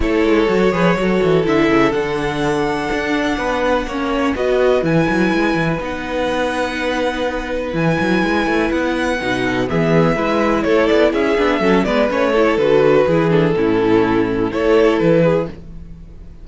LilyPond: <<
  \new Staff \with { instrumentName = "violin" } { \time 4/4 \tempo 4 = 124 cis''2. e''4 | fis''1~ | fis''4 dis''4 gis''2 | fis''1 |
gis''2 fis''2 | e''2 cis''8 d''8 e''4~ | e''8 d''8 cis''4 b'4. a'8~ | a'2 cis''4 b'4 | }
  \new Staff \with { instrumentName = "violin" } { \time 4/4 a'4. b'8 a'2~ | a'2. b'4 | cis''4 b'2.~ | b'1~ |
b'2.~ b'8 a'8 | gis'4 b'4 a'4 gis'4 | a'8 b'4 a'4. gis'4 | e'2 a'4. gis'8 | }
  \new Staff \with { instrumentName = "viola" } { \time 4/4 e'4 fis'8 gis'8 fis'4 e'4 | d'1 | cis'4 fis'4 e'2 | dis'1 |
e'2. dis'4 | b4 e'2~ e'8 d'8 | cis'8 b8 cis'8 e'8 fis'4 e'8 d'8 | cis'2 e'2 | }
  \new Staff \with { instrumentName = "cello" } { \time 4/4 a8 gis8 fis8 f8 fis8 e8 d8 cis8 | d2 d'4 b4 | ais4 b4 e8 fis8 gis8 e8 | b1 |
e8 fis8 gis8 a8 b4 b,4 | e4 gis4 a8 b8 cis'8 b8 | fis8 gis8 a4 d4 e4 | a,2 a4 e4 | }
>>